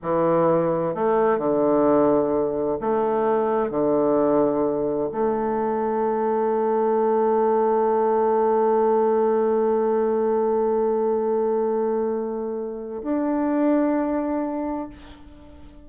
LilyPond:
\new Staff \with { instrumentName = "bassoon" } { \time 4/4 \tempo 4 = 129 e2 a4 d4~ | d2 a2 | d2. a4~ | a1~ |
a1~ | a1~ | a1 | d'1 | }